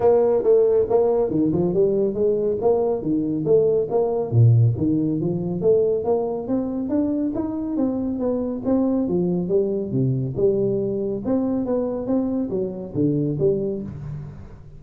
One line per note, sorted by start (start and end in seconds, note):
0.00 0.43 A#3
0.43 0.86 A3
0.89 1.30 A#3
1.30 1.51 D#3
1.52 1.73 F3
1.73 2.14 G3
2.14 2.57 G#3
2.61 3.01 A#3
3.01 3.44 D#3
3.44 3.87 A3
3.90 4.31 A#3
4.31 4.74 A#2
4.77 5.20 D#3
5.20 5.61 F3
5.61 6.04 A3
6.04 6.47 A#3
6.47 6.89 C4
6.89 7.32 D4
7.34 7.77 D#4
7.77 8.19 C4
8.19 8.62 B3
8.65 9.08 C4
9.08 9.48 F3
9.48 9.91 G3
9.91 10.35 C3
10.36 11.22 G3
11.25 11.65 C4
11.65 12.06 B3
12.06 12.49 C4
12.50 12.93 F#3
12.94 13.37 D3
13.39 13.82 G3